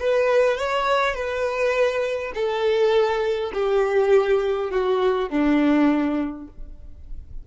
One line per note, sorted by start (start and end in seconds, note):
0.00 0.58 B4
0.58 1.15 C#5
1.15 2.33 B4
2.35 3.52 A4
3.54 4.71 G4
4.71 5.30 F#4
5.30 6.48 D4